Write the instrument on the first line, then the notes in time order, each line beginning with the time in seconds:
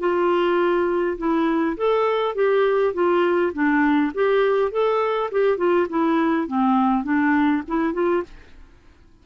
clarinet
0.00 F4
1.18 E4
1.77 A4
2.35 G4
2.94 F4
3.54 D4
4.14 G4
4.72 A4
5.32 G4
5.58 F4
5.90 E4
6.48 C4
7.04 D4
7.68 E4
7.94 F4